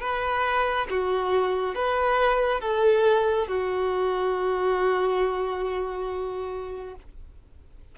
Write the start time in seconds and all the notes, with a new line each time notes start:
0.00 B4
0.90 F#4
1.75 B4
2.60 A4
3.47 F#4